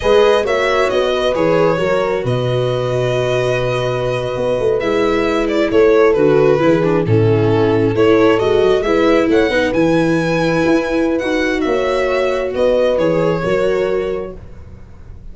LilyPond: <<
  \new Staff \with { instrumentName = "violin" } { \time 4/4 \tempo 4 = 134 dis''4 e''4 dis''4 cis''4~ | cis''4 dis''2.~ | dis''2~ dis''8. e''4~ e''16~ | e''16 d''8 cis''4 b'2 a'16~ |
a'4.~ a'16 cis''4 dis''4 e''16~ | e''8. fis''4 gis''2~ gis''16~ | gis''4 fis''4 e''2 | dis''4 cis''2. | }
  \new Staff \with { instrumentName = "horn" } { \time 4/4 b'4 cis''4. b'4. | ais'4 b'2.~ | b'1~ | b'8. a'2 gis'4 e'16~ |
e'4.~ e'16 a'2 b'16~ | b'8. cis''8 b'2~ b'8.~ | b'2 cis''2 | b'2 ais'2 | }
  \new Staff \with { instrumentName = "viola" } { \time 4/4 gis'4 fis'2 gis'4 | fis'1~ | fis'2~ fis'8. e'4~ e'16~ | e'4.~ e'16 fis'4 e'8 d'8 cis'16~ |
cis'4.~ cis'16 e'4 fis'4 e'16~ | e'4~ e'16 dis'8 e'2~ e'16~ | e'4 fis'2.~ | fis'4 gis'4 fis'2 | }
  \new Staff \with { instrumentName = "tuba" } { \time 4/4 gis4 ais4 b4 e4 | fis4 b,2.~ | b,4.~ b,16 b8 a8 gis4~ gis16~ | gis8. a4 d4 e4 a,16~ |
a,4.~ a,16 a4 gis8 fis8 gis16~ | gis8. a8 b8 e2 e'16~ | e'4 dis'4 ais2 | b4 e4 fis2 | }
>>